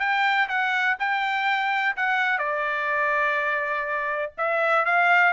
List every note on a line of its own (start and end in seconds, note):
0.00 0.48 G5
0.49 0.97 F#5
1.00 1.96 G5
1.97 2.39 F#5
2.39 4.33 D5
4.38 4.86 E5
4.86 5.34 F5